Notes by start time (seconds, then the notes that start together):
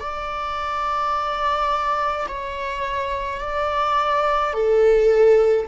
0.00 D5
2.28 C#5
3.40 D5
4.54 A4